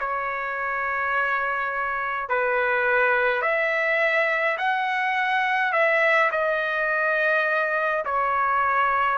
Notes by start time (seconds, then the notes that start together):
0.00 C#5
2.29 B4
3.42 E5
4.58 F#5
5.73 E5
6.31 D#5
8.05 C#5